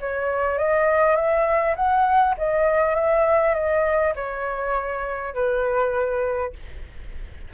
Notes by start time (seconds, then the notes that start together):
0.00 C#5
0.58 D#5
1.16 E5
1.75 F#5
2.38 D#5
2.95 E5
3.54 D#5
4.15 C#5
5.34 B4